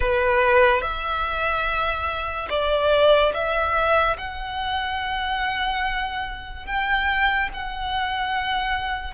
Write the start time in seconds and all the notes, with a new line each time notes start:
0.00 B4
0.81 E5
2.49 D5
3.33 E5
4.17 F#5
6.66 G5
7.53 F#5